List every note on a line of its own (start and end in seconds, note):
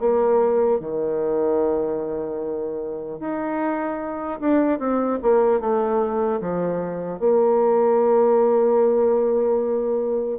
0.00 0.80 A#3
0.80 3.20 D#3
3.20 4.40 D#4
4.40 4.79 D4
4.79 5.19 C4
5.22 5.60 A#3
5.60 6.40 A3
6.41 7.20 F3
7.20 10.39 A#3